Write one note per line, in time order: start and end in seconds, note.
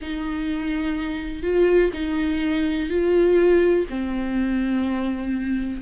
0.01 1.42 D#4
1.42 1.91 F4
1.93 2.89 D#4
2.89 3.86 F4
3.89 5.82 C4